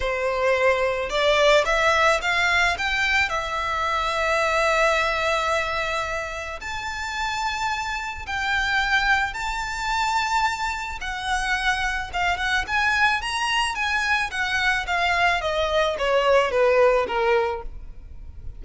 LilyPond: \new Staff \with { instrumentName = "violin" } { \time 4/4 \tempo 4 = 109 c''2 d''4 e''4 | f''4 g''4 e''2~ | e''1 | a''2. g''4~ |
g''4 a''2. | fis''2 f''8 fis''8 gis''4 | ais''4 gis''4 fis''4 f''4 | dis''4 cis''4 b'4 ais'4 | }